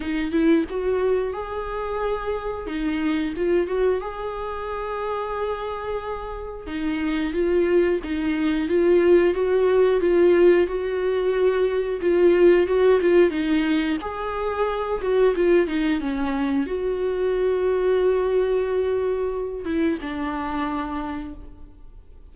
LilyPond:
\new Staff \with { instrumentName = "viola" } { \time 4/4 \tempo 4 = 90 dis'8 e'8 fis'4 gis'2 | dis'4 f'8 fis'8 gis'2~ | gis'2 dis'4 f'4 | dis'4 f'4 fis'4 f'4 |
fis'2 f'4 fis'8 f'8 | dis'4 gis'4. fis'8 f'8 dis'8 | cis'4 fis'2.~ | fis'4. e'8 d'2 | }